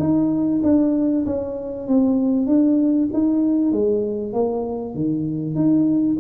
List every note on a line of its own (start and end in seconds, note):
0.00 0.62 D#4
0.64 1.25 D4
1.26 1.88 C#4
1.88 2.47 C4
2.47 3.09 D4
3.13 3.72 D#4
3.72 4.34 G#3
4.34 4.95 A#3
4.95 5.56 D#3
5.56 6.17 D#4